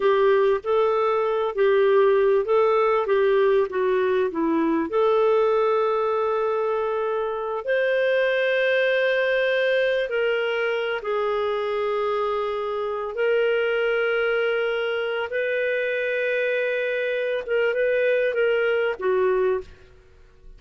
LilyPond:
\new Staff \with { instrumentName = "clarinet" } { \time 4/4 \tempo 4 = 98 g'4 a'4. g'4. | a'4 g'4 fis'4 e'4 | a'1~ | a'8 c''2.~ c''8~ |
c''8 ais'4. gis'2~ | gis'4. ais'2~ ais'8~ | ais'4 b'2.~ | b'8 ais'8 b'4 ais'4 fis'4 | }